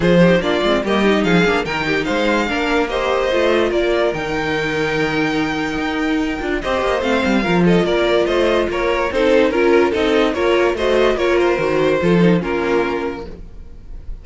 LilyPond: <<
  \new Staff \with { instrumentName = "violin" } { \time 4/4 \tempo 4 = 145 c''4 d''4 dis''4 f''4 | g''4 f''2 dis''4~ | dis''4 d''4 g''2~ | g''1 |
dis''4 f''4. dis''8 d''4 | dis''4 cis''4 c''4 ais'4 | dis''4 cis''4 dis''4 cis''8 c''8~ | c''2 ais'2 | }
  \new Staff \with { instrumentName = "violin" } { \time 4/4 gis'8 g'8 f'4 g'4 gis'4 | ais'8 g'8 c''4 ais'4 c''4~ | c''4 ais'2.~ | ais'1 |
c''2 ais'8 a'8 ais'4 | c''4 ais'4 a'4 ais'4 | a'4 ais'4 c''4 ais'4~ | ais'4 a'4 f'2 | }
  \new Staff \with { instrumentName = "viola" } { \time 4/4 f'8 dis'8 d'8 c'8 ais8 dis'4 d'8 | dis'2 d'4 g'4 | f'2 dis'2~ | dis'2.~ dis'8 f'8 |
g'4 c'4 f'2~ | f'2 dis'4 f'4 | dis'4 f'4 fis'4 f'4 | fis'4 f'8 dis'8 cis'2 | }
  \new Staff \with { instrumentName = "cello" } { \time 4/4 f4 ais8 gis8 g4 f8 ais8 | dis4 gis4 ais2 | a4 ais4 dis2~ | dis2 dis'4. d'8 |
c'8 ais8 a8 g8 f4 ais4 | a4 ais4 c'4 cis'4 | c'4 ais4 a4 ais4 | dis4 f4 ais2 | }
>>